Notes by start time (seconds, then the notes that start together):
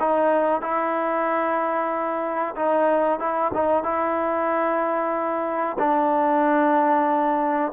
0.00 D#4
0.62 E4
2.56 D#4
3.19 E4
3.54 D#4
3.84 E4
5.79 D4